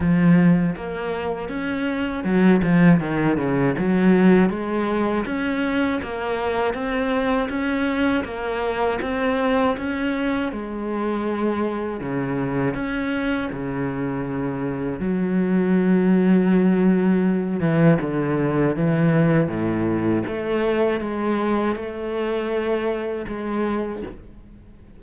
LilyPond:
\new Staff \with { instrumentName = "cello" } { \time 4/4 \tempo 4 = 80 f4 ais4 cis'4 fis8 f8 | dis8 cis8 fis4 gis4 cis'4 | ais4 c'4 cis'4 ais4 | c'4 cis'4 gis2 |
cis4 cis'4 cis2 | fis2.~ fis8 e8 | d4 e4 a,4 a4 | gis4 a2 gis4 | }